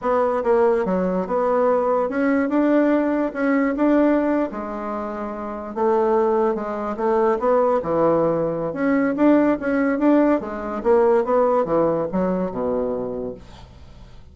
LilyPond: \new Staff \with { instrumentName = "bassoon" } { \time 4/4 \tempo 4 = 144 b4 ais4 fis4 b4~ | b4 cis'4 d'2 | cis'4 d'4.~ d'16 gis4~ gis16~ | gis4.~ gis16 a2 gis16~ |
gis8. a4 b4 e4~ e16~ | e4 cis'4 d'4 cis'4 | d'4 gis4 ais4 b4 | e4 fis4 b,2 | }